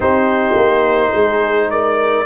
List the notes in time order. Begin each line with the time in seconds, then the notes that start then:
0.00 C4 D#4 G4 C5
0.56 A#3
1.12 G#3 G#4
1.70 A#4 D5